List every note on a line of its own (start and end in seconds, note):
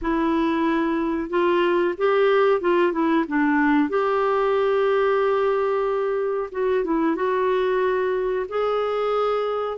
0.01 1.29 E4
1.29 1.94 F4
1.97 2.61 G4
2.61 2.92 F4
2.92 3.24 E4
3.28 3.89 D4
3.89 6.50 G4
6.51 6.84 F#4
6.84 7.15 E4
7.15 8.46 F#4
8.48 9.77 G#4